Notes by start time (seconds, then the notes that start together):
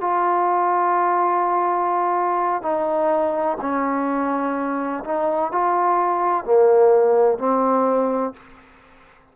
0.00 F4
2.62 D#4
3.61 C#4
5.04 D#4
5.52 F4
6.44 A#3
7.38 C4